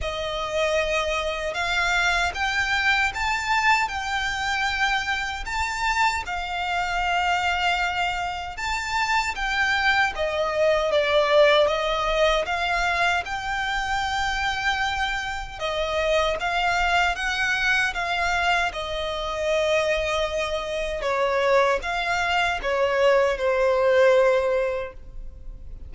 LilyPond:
\new Staff \with { instrumentName = "violin" } { \time 4/4 \tempo 4 = 77 dis''2 f''4 g''4 | a''4 g''2 a''4 | f''2. a''4 | g''4 dis''4 d''4 dis''4 |
f''4 g''2. | dis''4 f''4 fis''4 f''4 | dis''2. cis''4 | f''4 cis''4 c''2 | }